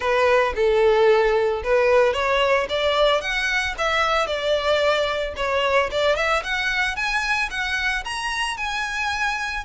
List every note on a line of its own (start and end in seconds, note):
0.00 0.53 B4
0.55 1.62 A4
1.63 2.13 B4
2.13 2.66 C#5
2.69 3.21 D5
3.21 3.75 F#5
3.77 4.26 E5
4.26 5.34 D5
5.36 5.90 C#5
5.91 6.16 D5
6.16 6.42 E5
6.43 6.95 F#5
6.95 7.49 G#5
7.50 8.04 F#5
8.04 8.57 A#5
8.57 9.64 G#5